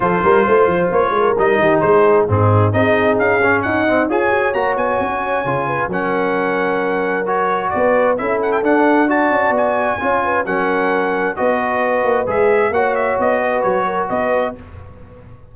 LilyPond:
<<
  \new Staff \with { instrumentName = "trumpet" } { \time 4/4 \tempo 4 = 132 c''2 cis''4 dis''4 | c''4 gis'4 dis''4 f''4 | fis''4 gis''4 ais''8 gis''4.~ | gis''4 fis''2. |
cis''4 d''4 e''8 fis''16 g''16 fis''4 | a''4 gis''2 fis''4~ | fis''4 dis''2 e''4 | fis''8 e''8 dis''4 cis''4 dis''4 | }
  \new Staff \with { instrumentName = "horn" } { \time 4/4 a'8 ais'8 c''4. ais'4 g'8 | gis'4 dis'4 gis'2 | dis''4 cis''2.~ | cis''8 b'8 ais'2.~ |
ais'4 b'4 a'2 | d''2 cis''8 b'8 ais'4~ | ais'4 b'2. | cis''4. b'4 ais'8 b'4 | }
  \new Staff \with { instrumentName = "trombone" } { \time 4/4 f'2. dis'4~ | dis'4 c'4 dis'4. cis'8~ | cis'8 c'8 gis'4 fis'2 | f'4 cis'2. |
fis'2 e'4 d'4 | fis'2 f'4 cis'4~ | cis'4 fis'2 gis'4 | fis'1 | }
  \new Staff \with { instrumentName = "tuba" } { \time 4/4 f8 g8 a8 f8 ais8 gis8 g8 dis8 | gis4 gis,4 c'4 cis'4 | dis'4 f'8 fis'8 ais8 b8 cis'4 | cis4 fis2.~ |
fis4 b4 cis'4 d'4~ | d'8 cis'8 b4 cis'4 fis4~ | fis4 b4. ais8 gis4 | ais4 b4 fis4 b4 | }
>>